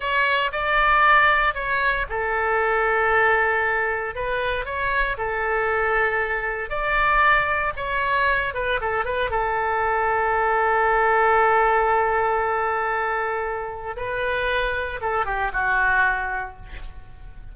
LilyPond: \new Staff \with { instrumentName = "oboe" } { \time 4/4 \tempo 4 = 116 cis''4 d''2 cis''4 | a'1 | b'4 cis''4 a'2~ | a'4 d''2 cis''4~ |
cis''8 b'8 a'8 b'8 a'2~ | a'1~ | a'2. b'4~ | b'4 a'8 g'8 fis'2 | }